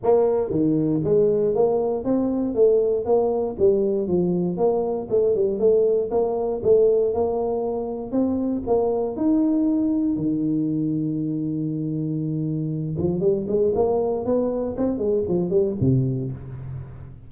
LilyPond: \new Staff \with { instrumentName = "tuba" } { \time 4/4 \tempo 4 = 118 ais4 dis4 gis4 ais4 | c'4 a4 ais4 g4 | f4 ais4 a8 g8 a4 | ais4 a4 ais2 |
c'4 ais4 dis'2 | dis1~ | dis4. f8 g8 gis8 ais4 | b4 c'8 gis8 f8 g8 c4 | }